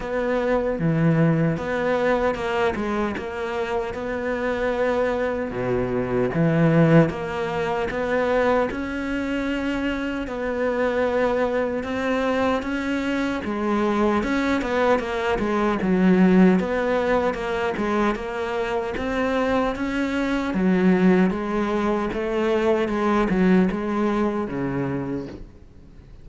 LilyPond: \new Staff \with { instrumentName = "cello" } { \time 4/4 \tempo 4 = 76 b4 e4 b4 ais8 gis8 | ais4 b2 b,4 | e4 ais4 b4 cis'4~ | cis'4 b2 c'4 |
cis'4 gis4 cis'8 b8 ais8 gis8 | fis4 b4 ais8 gis8 ais4 | c'4 cis'4 fis4 gis4 | a4 gis8 fis8 gis4 cis4 | }